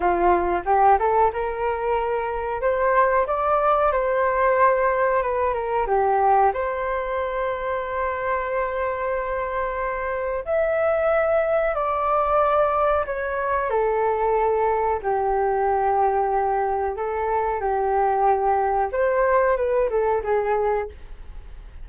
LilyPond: \new Staff \with { instrumentName = "flute" } { \time 4/4 \tempo 4 = 92 f'4 g'8 a'8 ais'2 | c''4 d''4 c''2 | b'8 ais'8 g'4 c''2~ | c''1 |
e''2 d''2 | cis''4 a'2 g'4~ | g'2 a'4 g'4~ | g'4 c''4 b'8 a'8 gis'4 | }